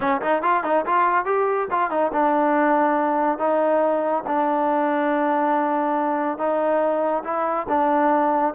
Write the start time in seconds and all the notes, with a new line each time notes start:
0.00 C#4
0.21 D#4
0.42 F4
0.63 D#4
0.86 F4
1.25 G4
1.70 F4
1.90 D#4
2.12 D4
3.38 D#4
4.27 D4
6.38 D#4
7.24 E4
7.68 D4